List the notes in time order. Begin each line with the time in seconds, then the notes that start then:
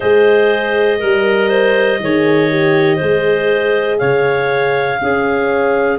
0.00 G#3 G#4 C5 D#5
0.99 G3 A#4
1.49 C5
1.99 D#3 G#4 C#5
2.49 G4
2.96 G#4 C5
3.02 G#3
3.98 C#3 C#5 F5
5.00 C#4 G#4